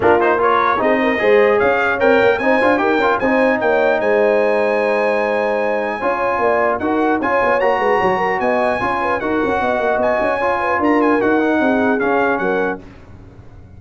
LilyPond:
<<
  \new Staff \with { instrumentName = "trumpet" } { \time 4/4 \tempo 4 = 150 ais'8 c''8 cis''4 dis''2 | f''4 g''4 gis''4 g''4 | gis''4 g''4 gis''2~ | gis''1~ |
gis''4 fis''4 gis''4 ais''4~ | ais''4 gis''2 fis''4~ | fis''4 gis''2 ais''8 gis''8 | fis''2 f''4 fis''4 | }
  \new Staff \with { instrumentName = "horn" } { \time 4/4 f'4 ais'4 gis'8 ais'8 c''4 | cis''2 c''4 ais'4 | c''4 cis''4 c''2~ | c''2. cis''4 |
d''4 ais'4 cis''4. b'8 | cis''8 ais'8 dis''4 cis''8 b'8 ais'4 | dis''2 cis''8 b'8 ais'4~ | ais'4 gis'2 ais'4 | }
  \new Staff \with { instrumentName = "trombone" } { \time 4/4 d'8 dis'8 f'4 dis'4 gis'4~ | gis'4 ais'4 dis'8 f'8 g'8 f'8 | dis'1~ | dis'2. f'4~ |
f'4 fis'4 f'4 fis'4~ | fis'2 f'4 fis'4~ | fis'2 f'2 | fis'8 dis'4. cis'2 | }
  \new Staff \with { instrumentName = "tuba" } { \time 4/4 ais2 c'4 gis4 | cis'4 c'8 ais8 c'8 d'8 dis'8 cis'8 | c'4 ais4 gis2~ | gis2. cis'4 |
ais4 dis'4 cis'8 b8 ais8 gis8 | fis4 b4 cis'4 dis'8 cis'8 | b8 ais8 b8 cis'4. d'4 | dis'4 c'4 cis'4 fis4 | }
>>